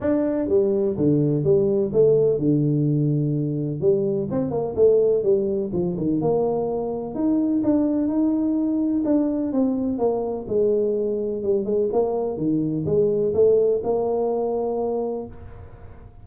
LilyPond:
\new Staff \with { instrumentName = "tuba" } { \time 4/4 \tempo 4 = 126 d'4 g4 d4 g4 | a4 d2. | g4 c'8 ais8 a4 g4 | f8 dis8 ais2 dis'4 |
d'4 dis'2 d'4 | c'4 ais4 gis2 | g8 gis8 ais4 dis4 gis4 | a4 ais2. | }